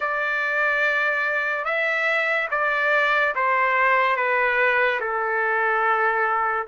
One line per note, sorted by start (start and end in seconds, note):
0.00 1.64 D5
1.64 2.48 E5
2.50 3.34 D5
3.35 4.16 C5
4.16 5.00 B4
5.00 6.67 A4